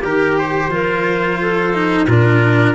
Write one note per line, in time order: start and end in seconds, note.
0.00 0.68 D#3
0.00 0.68 G4
0.00 0.71 G4
0.00 0.38 A#4
0.38 2.08 C5
0.68 2.05 F3
0.68 1.73 F4
0.68 1.40 A#4
1.41 2.06 A4
1.73 2.07 D#4
2.06 2.75 A#2
2.06 2.75 D4
2.06 2.75 F4
2.06 2.75 A#4